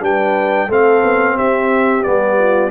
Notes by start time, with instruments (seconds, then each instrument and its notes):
0.00 tuba G3, trombone D4, horn B4, trumpet G5
0.68 tuba A3, trombone C4, horn A4, trumpet F5
1.03 tuba B3
1.35 tuba C4, horn G4, trumpet E5
2.03 tuba G3, trombone B3, trumpet D5
2.38 horn F4